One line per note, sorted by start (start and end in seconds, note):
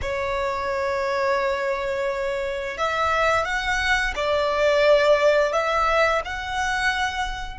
0.01 2.77 C#5
2.77 3.44 E5
3.44 4.13 F#5
4.15 5.52 D5
5.52 6.21 E5
6.24 7.59 F#5